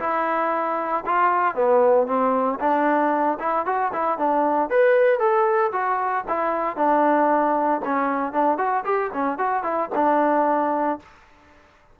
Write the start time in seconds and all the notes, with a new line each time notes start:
0.00 E4
1.06 F4
1.55 B3
2.07 C4
2.60 D4
3.40 E4
3.66 F#4
3.93 E4
4.18 D4
4.70 B4
5.19 A4
5.72 F#4
6.28 E4
6.77 D4
7.85 C#4
8.33 D4
8.58 F#4
8.85 G4
9.14 C#4
9.38 F#4
9.63 E4
9.95 D4